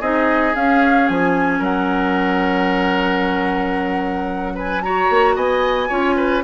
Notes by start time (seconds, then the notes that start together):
0.00 C4 D#4 G#4 D#5
0.55 C#4 F5
1.08 F3 G#5
1.59 F#3 A#4 F#5
4.55 B4 G#5
4.82 F#4 C#5 A#5
5.10 A#3
5.35 B3 D#5 G#5
5.88 C#4 F4 C#5
6.16 B4